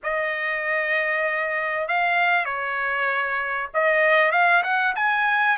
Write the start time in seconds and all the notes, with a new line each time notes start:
0.03 D#5
1.88 F5
2.45 C#5
3.74 D#5
4.31 F5
4.63 F#5
4.95 G#5